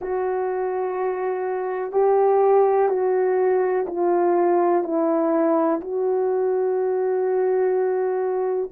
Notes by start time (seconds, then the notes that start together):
0.01 F#4
1.92 G4
2.89 F#4
3.87 F4
4.83 E4
5.80 F#4